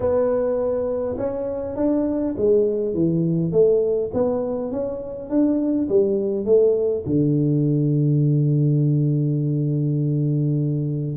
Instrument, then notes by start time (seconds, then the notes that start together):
tuba
0.00 B3
1.17 C#4
1.75 D4
2.37 G#3
2.94 E3
3.52 A3
4.13 B3
4.71 C#4
5.29 D4
5.88 G3
6.45 A3
7.06 D3